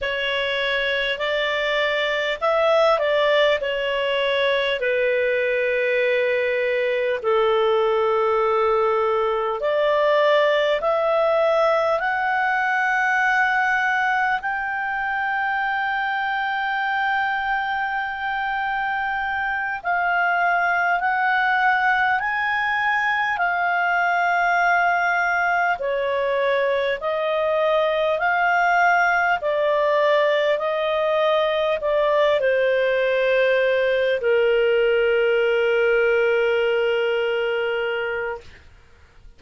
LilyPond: \new Staff \with { instrumentName = "clarinet" } { \time 4/4 \tempo 4 = 50 cis''4 d''4 e''8 d''8 cis''4 | b'2 a'2 | d''4 e''4 fis''2 | g''1~ |
g''8 f''4 fis''4 gis''4 f''8~ | f''4. cis''4 dis''4 f''8~ | f''8 d''4 dis''4 d''8 c''4~ | c''8 ais'2.~ ais'8 | }